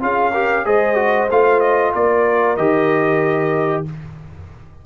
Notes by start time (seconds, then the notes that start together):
0.00 C#4 F4 G#4 F5
0.32 G4 A#4
0.65 G#3 G#4 C5 D#5
0.95 F#4
1.30 A3 F4 F5
1.60 D#5
1.94 A#3 A#4 D5
2.56 D#3 G4 D#5